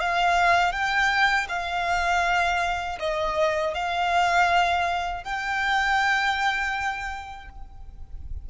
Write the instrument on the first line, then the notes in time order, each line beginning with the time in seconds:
violin
0.00 F5
0.72 G5
1.48 F5
2.99 D#5
3.74 F5
5.24 G5